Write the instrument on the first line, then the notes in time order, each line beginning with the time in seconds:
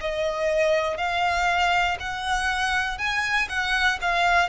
violin
0.00 D#5
0.97 F5
1.99 F#5
2.98 G#5
3.49 F#5
4.01 F5